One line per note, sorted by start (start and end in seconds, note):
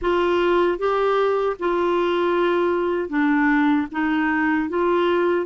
0.01 0.78 F4
0.78 1.56 G4
1.59 3.09 F4
3.09 3.87 D4
3.91 4.69 D#4
4.69 5.45 F4